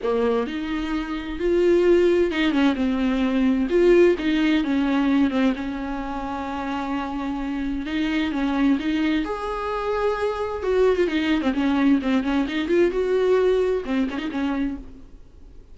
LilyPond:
\new Staff \with { instrumentName = "viola" } { \time 4/4 \tempo 4 = 130 ais4 dis'2 f'4~ | f'4 dis'8 cis'8 c'2 | f'4 dis'4 cis'4. c'8 | cis'1~ |
cis'4 dis'4 cis'4 dis'4 | gis'2. fis'8. f'16 | dis'8. c'16 cis'4 c'8 cis'8 dis'8 f'8 | fis'2 c'8 cis'16 dis'16 cis'4 | }